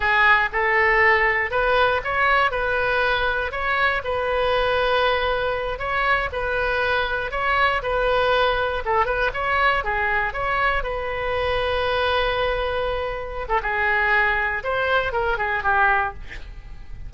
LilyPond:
\new Staff \with { instrumentName = "oboe" } { \time 4/4 \tempo 4 = 119 gis'4 a'2 b'4 | cis''4 b'2 cis''4 | b'2.~ b'8 cis''8~ | cis''8 b'2 cis''4 b'8~ |
b'4. a'8 b'8 cis''4 gis'8~ | gis'8 cis''4 b'2~ b'8~ | b'2~ b'8. a'16 gis'4~ | gis'4 c''4 ais'8 gis'8 g'4 | }